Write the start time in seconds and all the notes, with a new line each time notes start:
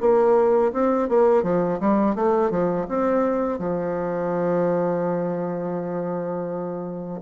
0.00 A#3
0.73 C4
1.08 A#3
1.43 F3
1.79 G3
2.15 A3
2.50 F3
2.88 C4
3.58 F3